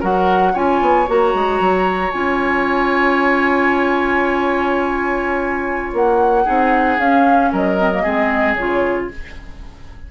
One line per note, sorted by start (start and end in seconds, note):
0.00 0.55 F#3
0.00 0.54 F#4
0.00 0.53 A#4
0.00 0.56 F#5
0.54 0.81 C#4
0.54 1.07 F4
0.54 6.45 C#5
0.54 1.09 G#5
0.81 1.08 B3
1.07 1.34 A#3
1.07 2.13 F#4
1.07 2.11 A#5
1.34 1.60 G#3
1.60 2.13 F#3
2.11 5.93 C#4
2.11 6.46 F4
2.11 5.93 G#5
5.93 6.46 A#3
5.93 7.00 F#5
6.45 6.99 C4
6.45 6.99 D#4
6.45 7.50 G#4
6.99 7.51 C#4
6.99 7.78 C#4
6.99 7.52 F5
7.53 8.05 F#3
7.53 8.03 A#4
7.53 8.54 D#5
7.78 7.91 C4
7.93 8.05 A#3
8.03 8.55 G#3
8.03 8.58 C4
8.03 9.08 G#4
8.54 9.08 C#3
8.54 9.11 F4
8.54 9.07 C#5